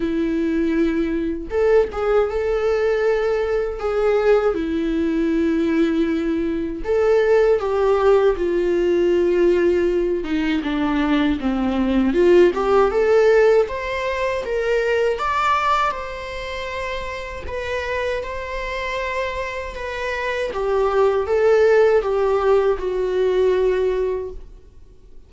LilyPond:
\new Staff \with { instrumentName = "viola" } { \time 4/4 \tempo 4 = 79 e'2 a'8 gis'8 a'4~ | a'4 gis'4 e'2~ | e'4 a'4 g'4 f'4~ | f'4. dis'8 d'4 c'4 |
f'8 g'8 a'4 c''4 ais'4 | d''4 c''2 b'4 | c''2 b'4 g'4 | a'4 g'4 fis'2 | }